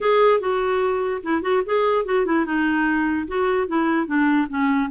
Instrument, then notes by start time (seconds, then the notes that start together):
clarinet
0.01 G#4
0.40 F#4
1.23 E4
1.41 F#4
1.65 G#4
2.05 F#4
2.25 E4
2.45 D#4
3.27 F#4
3.67 E4
4.06 D4
4.49 C#4